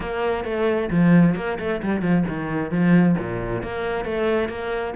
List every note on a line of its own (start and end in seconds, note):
0.00 0.44 A#3
0.44 0.89 A3
0.90 1.35 F3
1.35 1.58 A#3
1.59 1.81 A3
1.82 2.01 G3
2.01 2.24 F3
2.28 2.70 D#3
2.70 3.15 F3
3.18 3.62 A#2
3.62 4.04 A#3
4.04 4.48 A3
4.48 4.94 A#3